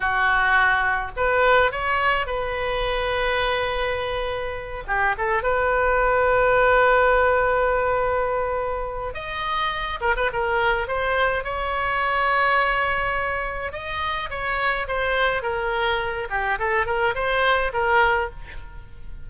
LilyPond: \new Staff \with { instrumentName = "oboe" } { \time 4/4 \tempo 4 = 105 fis'2 b'4 cis''4 | b'1~ | b'8 g'8 a'8 b'2~ b'8~ | b'1 |
dis''4. ais'16 b'16 ais'4 c''4 | cis''1 | dis''4 cis''4 c''4 ais'4~ | ais'8 g'8 a'8 ais'8 c''4 ais'4 | }